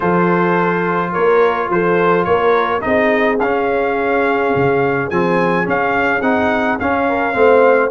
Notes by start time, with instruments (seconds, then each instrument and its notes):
0.00 tuba F3, trombone F4, horn A4, trumpet C5
1.12 tuba A#3, horn A#4, trumpet C#5
1.69 tuba F3, horn A4, trumpet C5
2.24 tuba A#3, horn A#4, trumpet C#5
2.80 tuba C4, trombone D#4, horn G#4, trumpet D#5
3.40 tuba C#4, trombone C#4, trumpet F5
4.55 tuba C#3
5.10 tuba F3, trombone C4, trumpet G#5
5.64 trombone C#4, tuba C#4, trumpet F5
6.21 tuba C4, trombone D#4, trumpet F#5
6.79 trombone C#4, tuba C#4, trumpet F5
7.08 horn A#4
7.33 tuba A3, trombone C4, horn C5